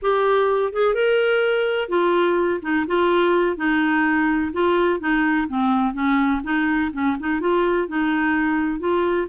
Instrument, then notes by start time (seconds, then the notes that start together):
clarinet
0.02 G4
0.73 G#4
0.94 A#4
1.89 F4
2.62 D#4
2.87 F4
3.56 D#4
4.53 F4
5.00 D#4
5.48 C4
5.93 C#4
6.43 D#4
6.93 C#4
7.19 D#4
7.40 F4
7.88 D#4
8.79 F4